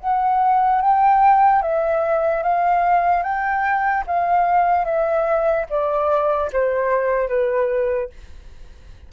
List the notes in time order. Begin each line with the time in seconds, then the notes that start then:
0.00 F#5
0.81 G5
1.62 E5
2.43 F5
3.23 G5
4.07 F5
4.84 E5
5.69 D5
6.52 C5
7.28 B4